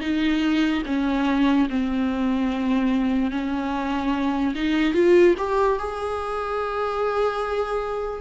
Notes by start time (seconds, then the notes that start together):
0.00 D#4
0.86 C#4
1.69 C4
3.31 C#4
4.55 D#4
4.94 F4
5.38 G4
5.79 G#4